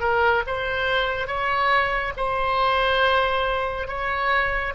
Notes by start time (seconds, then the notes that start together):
0.00 A#4
0.47 C5
1.27 C#5
2.17 C5
3.88 C#5